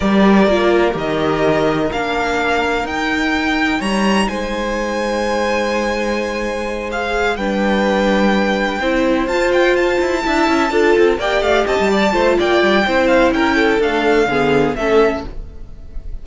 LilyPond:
<<
  \new Staff \with { instrumentName = "violin" } { \time 4/4 \tempo 4 = 126 d''2 dis''2 | f''2 g''2 | ais''4 gis''2.~ | gis''2~ gis''8 f''4 g''8~ |
g''2.~ g''8 a''8 | g''8 a''2. g''8 | f''8 a''4. g''4. f''8 | g''4 f''2 e''4 | }
  \new Staff \with { instrumentName = "violin" } { \time 4/4 ais'1~ | ais'1 | cis''4 c''2.~ | c''2.~ c''8 b'8~ |
b'2~ b'8 c''4.~ | c''4. e''4 a'4 d''8~ | d''8 dis''8 d''8 c''8 d''4 c''4 | ais'8 a'4. gis'4 a'4 | }
  \new Staff \with { instrumentName = "viola" } { \time 4/4 g'4 f'4 g'2 | d'2 dis'2~ | dis'1~ | dis'2~ dis'8 gis'4 d'8~ |
d'2~ d'8 e'4 f'8~ | f'4. e'4 f'4 g'8~ | g'4. f'4. e'4~ | e'4 a4 b4 cis'4 | }
  \new Staff \with { instrumentName = "cello" } { \time 4/4 g4 ais4 dis2 | ais2 dis'2 | g4 gis2.~ | gis2.~ gis8 g8~ |
g2~ g8 c'4 f'8~ | f'4 e'8 d'8 cis'8 d'8 c'8 ais8 | a8 c'16 g8. a8 ais8 g8 c'4 | cis'4 d'4 d4 a4 | }
>>